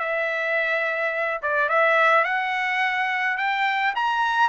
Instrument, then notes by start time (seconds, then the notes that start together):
trumpet
0.00 E5
1.43 D5
1.70 E5
2.25 F#5
3.38 G5
3.96 A#5